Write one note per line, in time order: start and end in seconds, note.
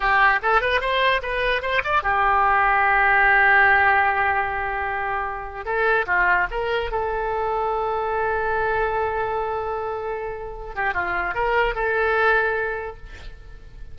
0.00 0.39 G4
0.42 0.61 A4
0.61 0.80 B4
0.80 1.21 C5
1.22 1.61 B4
1.61 1.82 C5
1.84 2.02 D5
2.02 5.65 G4
5.65 6.05 A4
6.06 6.47 F4
6.51 6.91 A#4
6.91 10.75 A4
10.75 10.94 G4
10.94 11.34 F4
11.34 11.75 A#4
11.75 12.96 A4